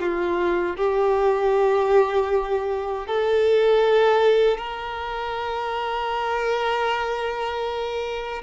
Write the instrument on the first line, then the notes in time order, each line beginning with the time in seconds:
violin
0.00 F4
0.77 G4
3.07 A4
4.58 A#4